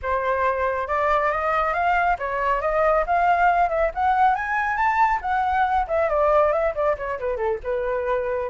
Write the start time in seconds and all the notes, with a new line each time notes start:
0.02 C5
0.87 D5
1.31 D#5
1.73 F5
2.19 C#5
2.61 D#5
3.06 F5
3.69 E5
3.94 F#5
4.35 G#5
4.76 A5
5.21 F#5
5.87 E5
6.09 D5
6.52 E5
6.74 D5
6.97 C#5
7.19 B4
7.37 A4
7.63 B4